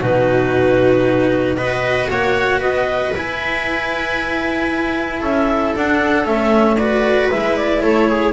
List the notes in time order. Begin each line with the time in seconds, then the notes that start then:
0.00 B2 D#4 F#4 B4
1.56 B3 F#4 B4 D#5
2.10 A#3 C#5 F#5
2.58 B3 B4 D#5
3.15 E4 G#5
5.19 C#4 A4 E5
5.75 D4 F#5
6.24 A3 C#4 E5
6.77 F#4 B4 D5
7.30 G#3 E4 E5
7.56 D5
7.82 A3 A4 C#5
8.09 G#4